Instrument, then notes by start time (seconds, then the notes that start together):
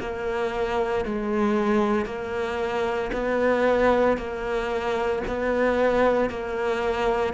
cello
0.00 A#3
1.05 G#3
2.06 A#3
3.13 B3
4.18 A#3
5.27 B3
6.30 A#3